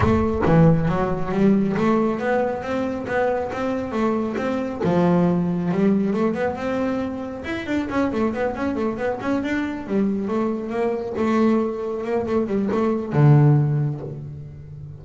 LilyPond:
\new Staff \with { instrumentName = "double bass" } { \time 4/4 \tempo 4 = 137 a4 e4 fis4 g4 | a4 b4 c'4 b4 | c'4 a4 c'4 f4~ | f4 g4 a8 b8 c'4~ |
c'4 e'8 d'8 cis'8 a8 b8 cis'8 | a8 b8 cis'8 d'4 g4 a8~ | a8 ais4 a2 ais8 | a8 g8 a4 d2 | }